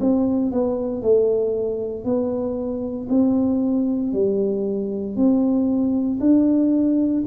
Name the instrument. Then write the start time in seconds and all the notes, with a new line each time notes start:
tuba
0.00 C4
0.51 B3
1.02 A3
2.04 B3
3.09 C4
4.13 G3
5.16 C4
6.20 D4